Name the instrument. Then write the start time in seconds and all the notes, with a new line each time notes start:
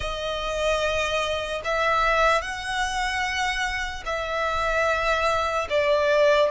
violin
0.00 D#5
1.64 E5
2.41 F#5
4.05 E5
5.69 D5